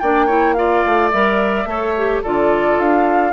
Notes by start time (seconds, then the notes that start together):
0.00 A#3 D4 D5 G5
0.26 E4 C#5
0.54 F4 D5 F5
0.85 A3
1.11 G3 A#4 E5
1.66 A3 A4 C#5
1.98 G4
2.23 D3 F4 A4 D5
2.79 D4 F5